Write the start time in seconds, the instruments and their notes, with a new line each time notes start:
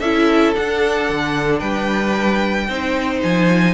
0.00 cello C#4, viola E4, violin A4 E5
0.55 viola D4, cello D4, violin F#5
1.10 cello D3
1.59 cello G3, violin B4 G5
2.69 cello C4, viola D#4, violin C5
3.23 cello F3, violin G#5